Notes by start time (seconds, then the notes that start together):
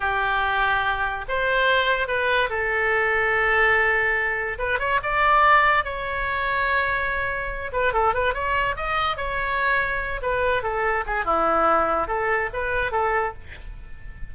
0.00 G4
1.28 C5
2.07 B4
2.49 A4
4.58 B4
4.79 C#5
5.02 D5
5.84 C#5
7.72 B4
7.93 A4
8.14 B4
8.33 C#5
8.76 D#5
9.16 C#5
10.21 B4
10.62 A4
11.06 G#4
11.24 E4
12.07 A4
12.53 B4
12.91 A4